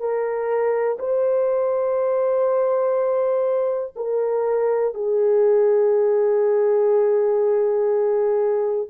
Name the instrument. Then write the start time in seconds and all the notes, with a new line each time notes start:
horn
0.00 A#4
0.99 C5
3.96 A#4
4.94 G#4